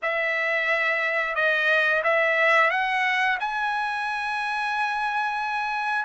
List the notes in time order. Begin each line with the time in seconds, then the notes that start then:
0.02 E5
1.35 D#5
2.03 E5
2.70 F#5
3.40 G#5